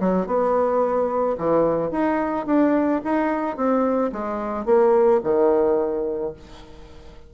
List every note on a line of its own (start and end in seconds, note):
0.00 0.27 F#3
0.27 1.37 B3
1.38 1.92 E3
1.92 2.47 D#4
2.47 3.02 D4
3.05 3.57 D#4
3.57 4.12 C4
4.13 4.66 G#3
4.66 5.21 A#3
5.24 6.34 D#3